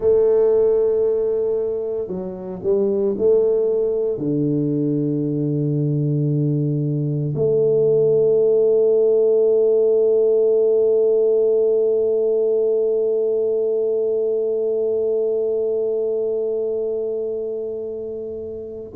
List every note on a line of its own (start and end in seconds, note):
0.00 2.07 A3
2.07 2.60 F#3
2.63 3.15 G3
3.17 4.18 A3
4.18 7.33 D3
7.34 18.92 A3